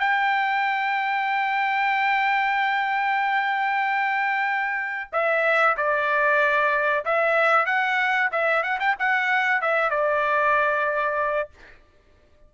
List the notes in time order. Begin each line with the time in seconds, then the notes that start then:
0.00 G5
5.13 E5
5.77 D5
7.05 E5
7.66 F#5
8.32 E5
8.63 F#5
8.80 G5
8.99 F#5
9.62 E5
9.91 D5